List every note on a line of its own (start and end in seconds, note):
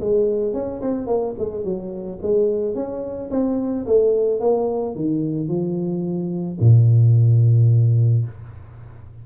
0.00 0.53 G#3
0.53 0.81 C#4
0.81 1.06 C4
1.06 1.34 A#3
1.38 1.64 G#3
1.64 2.19 F#3
2.22 2.75 G#3
2.75 3.30 C#4
3.31 3.86 C4
3.86 4.40 A3
4.40 4.95 A#3
4.95 5.48 D#3
5.48 6.58 F3
6.60 8.25 A#2